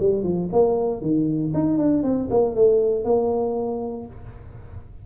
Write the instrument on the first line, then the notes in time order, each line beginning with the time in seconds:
tuba
0.00 G3
0.24 F3
0.53 A#3
1.02 D#3
1.54 D#4
1.78 D4
2.03 C4
2.30 A#3
2.55 A3
3.05 A#3